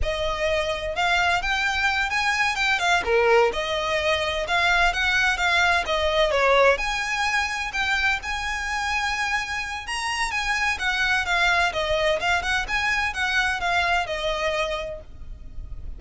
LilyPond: \new Staff \with { instrumentName = "violin" } { \time 4/4 \tempo 4 = 128 dis''2 f''4 g''4~ | g''8 gis''4 g''8 f''8 ais'4 dis''8~ | dis''4. f''4 fis''4 f''8~ | f''8 dis''4 cis''4 gis''4.~ |
gis''8 g''4 gis''2~ gis''8~ | gis''4 ais''4 gis''4 fis''4 | f''4 dis''4 f''8 fis''8 gis''4 | fis''4 f''4 dis''2 | }